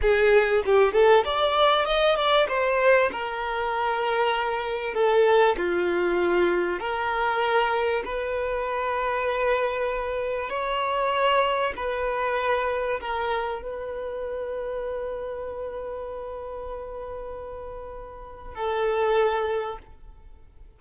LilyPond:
\new Staff \with { instrumentName = "violin" } { \time 4/4 \tempo 4 = 97 gis'4 g'8 a'8 d''4 dis''8 d''8 | c''4 ais'2. | a'4 f'2 ais'4~ | ais'4 b'2.~ |
b'4 cis''2 b'4~ | b'4 ais'4 b'2~ | b'1~ | b'2 a'2 | }